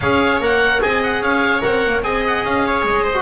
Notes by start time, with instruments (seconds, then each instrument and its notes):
0.00 double bass C#4, trombone G#4, viola C#5, oboe F5
0.39 double bass A#3, trombone A#4, oboe F#5
0.81 double bass C4, trombone G#4, viola D#5, oboe G#5
1.03 oboe F#5
1.21 double bass C#4, viola C#5, oboe F5
1.61 double bass C4, trombone A#4, oboe F#5
1.85 double bass A#3
2.02 double bass C4, trombone G#4, viola D#5, oboe G#5
2.27 oboe F#5
2.44 double bass C#4, oboe F5
2.66 viola C#5
2.83 double bass G#3, oboe D#5
3.03 viola C5
3.13 trombone F#4